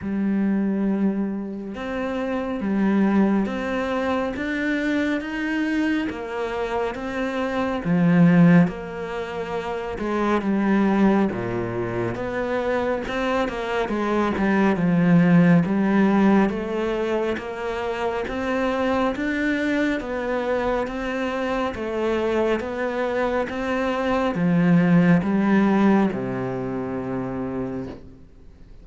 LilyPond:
\new Staff \with { instrumentName = "cello" } { \time 4/4 \tempo 4 = 69 g2 c'4 g4 | c'4 d'4 dis'4 ais4 | c'4 f4 ais4. gis8 | g4 ais,4 b4 c'8 ais8 |
gis8 g8 f4 g4 a4 | ais4 c'4 d'4 b4 | c'4 a4 b4 c'4 | f4 g4 c2 | }